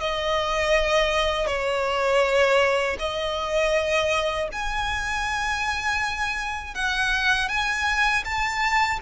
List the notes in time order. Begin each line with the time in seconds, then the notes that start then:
0.00 D#5
1.46 C#5
2.99 D#5
4.52 G#5
6.74 F#5
7.49 G#5
8.24 A5